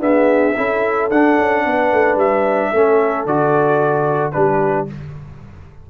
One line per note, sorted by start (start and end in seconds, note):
0.00 0.54 B3
0.00 0.55 D4
0.00 0.56 G#4
0.00 1.10 E5
0.57 1.11 C#4
0.57 1.11 E4
0.57 1.66 A4
1.11 1.38 D4
1.11 2.75 D4
1.11 2.19 F#5
1.38 1.65 C#4
1.66 1.92 B3
1.66 2.72 B4
1.92 2.16 A3
2.16 2.70 G3
2.16 3.27 E5
2.72 3.26 A3
2.72 3.28 C#4
2.72 4.34 A4
3.26 4.34 D3
3.26 4.33 F#4
3.26 4.32 D5
4.32 4.90 G3
4.32 4.87 D4
4.32 4.90 G4
4.32 4.86 B4